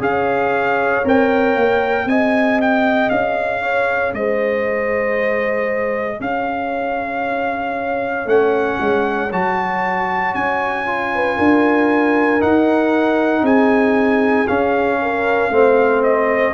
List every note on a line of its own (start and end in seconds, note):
0.00 1.04 C#4
0.00 1.03 G#4
0.00 2.08 C#5
0.00 1.06 F5
1.05 1.56 C4
1.05 2.08 A#4
1.05 2.09 G5
1.56 2.06 A#3
2.06 3.09 C4
2.06 8.27 G#4
2.06 3.62 D#5
2.06 2.60 G#5
2.62 3.10 G5
3.10 4.14 C#4
3.10 4.13 F5
3.62 4.14 C#5
4.14 6.20 G#3
4.14 6.19 C5
4.14 6.21 D#5
6.19 8.26 C#4
6.19 11.10 C#5
6.19 8.29 F5
8.26 8.78 A3
8.26 9.30 C#4
8.26 9.32 F#5
8.80 9.32 G#3
9.32 10.35 F#3
9.32 10.86 F#4
9.32 10.35 A5
10.35 11.38 C#4
10.35 12.42 G#5
10.86 12.40 F4
11.15 11.37 B4
11.37 12.42 D4
11.37 13.43 A#4
12.40 14.47 D#4
12.40 13.42 D#4
12.40 13.45 F#5
13.42 14.46 C4
13.42 14.98 G#4
13.42 14.48 G#5
14.48 15.52 C#4
14.48 15.50 C#4
14.48 16.03 F5
15.02 15.54 A#4
15.50 16.54 A3
15.50 16.54 C4
15.50 16.54 C5
16.04 16.54 D#5